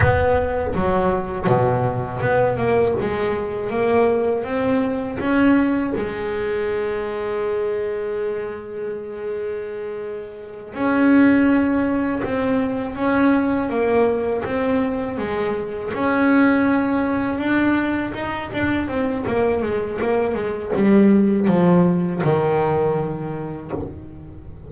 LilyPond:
\new Staff \with { instrumentName = "double bass" } { \time 4/4 \tempo 4 = 81 b4 fis4 b,4 b8 ais8 | gis4 ais4 c'4 cis'4 | gis1~ | gis2~ gis8 cis'4.~ |
cis'8 c'4 cis'4 ais4 c'8~ | c'8 gis4 cis'2 d'8~ | d'8 dis'8 d'8 c'8 ais8 gis8 ais8 gis8 | g4 f4 dis2 | }